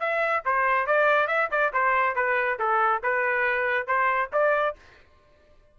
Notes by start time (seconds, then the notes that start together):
0.00 E5
0.46 C5
0.87 D5
1.28 E5
1.51 D5
1.73 C5
2.16 B4
2.59 A4
3.03 B4
3.87 C5
4.33 D5